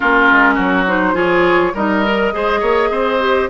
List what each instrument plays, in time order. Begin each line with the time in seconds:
0.00 bassoon A#3, clarinet C#4, oboe F4, flute A#4
0.31 bassoon G#3
0.54 bassoon F#3, oboe F#4
0.87 clarinet D#4, flute C5
1.14 bassoon F3, clarinet F4, oboe G#4, flute C#5
1.74 bassoon G3, clarinet D#4, oboe A#4, flute D#5
2.04 clarinet A#4
2.32 bassoon G#3, clarinet G#4, oboe C5
2.59 bassoon A#3, oboe C#5
2.90 bassoon C4, oboe C5
3.19 clarinet G4